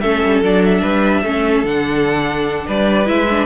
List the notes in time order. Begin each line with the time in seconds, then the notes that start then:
0.00 A3 C#4 A4 E5
0.24 G3
0.42 F#3 D4 D5
0.65 E5
0.81 G3 B4
1.23 A3 C#4 A4
1.64 D3 D4 F#5
2.66 G3 B4 D5
3.06 G#3 E4 E5
3.30 D4